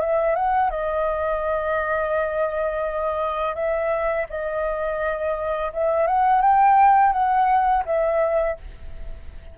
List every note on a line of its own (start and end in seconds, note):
0.00 0.35 E5
0.35 0.70 F#5
0.70 3.55 D#5
3.55 4.26 E5
4.29 5.72 D#5
5.73 6.07 E5
6.07 6.41 F#5
6.41 7.12 G5
7.12 7.84 F#5
7.85 8.57 E5